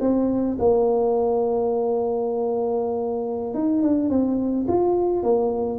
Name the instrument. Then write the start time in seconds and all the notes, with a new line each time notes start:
tuba
0.00 C4
0.59 A#3
3.54 D#4
3.82 D4
4.09 C4
4.68 F4
5.23 A#3